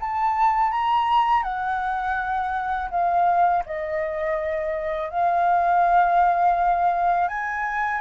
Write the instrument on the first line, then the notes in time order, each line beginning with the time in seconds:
flute
0.00 A5
0.71 A#5
1.43 F#5
2.90 F5
3.66 D#5
5.10 F5
7.28 G#5